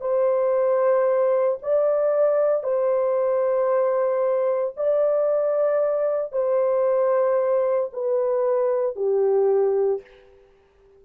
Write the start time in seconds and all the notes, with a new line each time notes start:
0.00 C5
1.62 D5
2.63 C5
4.76 D5
6.32 C5
7.92 B4
8.96 G4